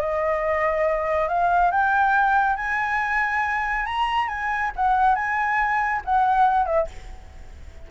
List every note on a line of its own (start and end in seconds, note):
0.00 1.28 D#5
1.28 1.71 F5
1.71 2.56 G5
2.56 3.85 G#5
3.85 4.28 A#5
4.28 4.71 G#5
4.76 5.15 F#5
5.15 6.02 G#5
6.05 6.66 F#5
6.66 6.87 E5